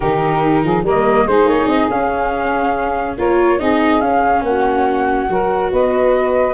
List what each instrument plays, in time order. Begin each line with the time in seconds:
0.00 tuba D#3, viola D#4, saxophone G4, flute A#4
0.63 tuba F3, saxophone G#4
0.83 tuba G3, viola A#3, saxophone A#4, flute D#5
1.26 tuba G#3, viola D#4, saxophone G#4, flute C5
1.45 tuba A#3, flute C#5
1.66 tuba C4, flute D#5
1.89 tuba C#4, viola C#4, flute F5
3.16 tuba A#3, viola F4, saxophone A#4, flute C#5
3.58 tuba C4, viola D#4, saxophone G#4, flute D#5
4.00 viola C#4, tuba C#4, flute F5
4.42 tuba A#3, saxophone F#4, flute F#5
5.29 tuba F#3, viola F#4, saxophone A#4
5.71 tuba B3, saxophone B4, flute D#5